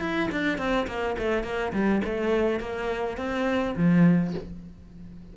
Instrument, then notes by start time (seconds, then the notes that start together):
cello
0.00 E4
0.31 D4
0.58 C4
0.87 A#3
1.18 A3
1.43 A#3
1.73 G3
2.04 A3
2.60 A#3
3.17 C4
3.76 F3